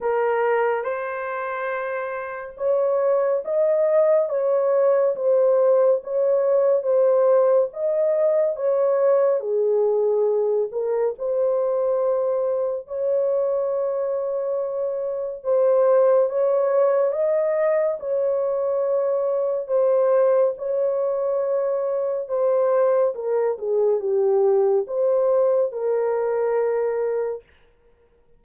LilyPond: \new Staff \with { instrumentName = "horn" } { \time 4/4 \tempo 4 = 70 ais'4 c''2 cis''4 | dis''4 cis''4 c''4 cis''4 | c''4 dis''4 cis''4 gis'4~ | gis'8 ais'8 c''2 cis''4~ |
cis''2 c''4 cis''4 | dis''4 cis''2 c''4 | cis''2 c''4 ais'8 gis'8 | g'4 c''4 ais'2 | }